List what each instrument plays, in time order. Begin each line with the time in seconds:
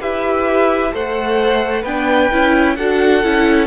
0.00 cello E4, viola G4, violin B4 E5
0.92 cello A3, viola A4, violin C5 F#5
1.81 cello B3, viola D4, violin B4 G5
2.31 cello C#4, viola E4
2.76 cello D4, viola F#4, violin A4 F#5
3.23 cello C#4, viola E4